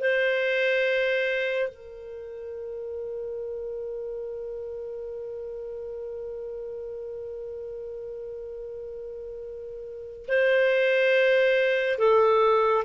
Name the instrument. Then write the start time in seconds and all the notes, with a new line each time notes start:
clarinet
0.00 C5
1.69 A#4
10.28 C5
11.98 A4